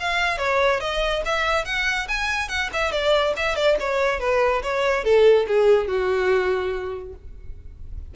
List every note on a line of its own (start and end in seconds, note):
0.00 0.38 F5
0.38 0.80 C#5
0.80 1.23 D#5
1.25 1.65 E5
1.65 2.07 F#5
2.08 2.49 G#5
2.49 2.70 F#5
2.73 2.92 E5
2.92 3.34 D5
3.37 3.56 E5
3.56 3.77 D5
3.80 4.20 C#5
4.20 4.62 B4
4.63 5.04 C#5
5.04 5.46 A4
5.48 5.88 G#4
5.88 7.14 F#4